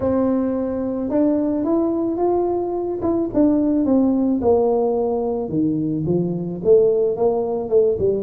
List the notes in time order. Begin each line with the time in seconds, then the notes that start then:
0.00 C4
1.09 D4
1.64 E4
2.17 F4
3.02 E4
3.33 D4
3.85 C4
4.41 A#3
5.48 D#3
6.06 F3
6.63 A3
7.16 A#3
7.69 A3
7.98 G3